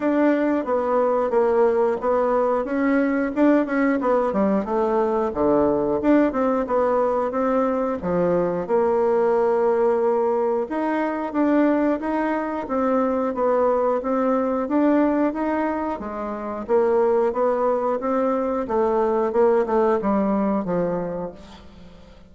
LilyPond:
\new Staff \with { instrumentName = "bassoon" } { \time 4/4 \tempo 4 = 90 d'4 b4 ais4 b4 | cis'4 d'8 cis'8 b8 g8 a4 | d4 d'8 c'8 b4 c'4 | f4 ais2. |
dis'4 d'4 dis'4 c'4 | b4 c'4 d'4 dis'4 | gis4 ais4 b4 c'4 | a4 ais8 a8 g4 f4 | }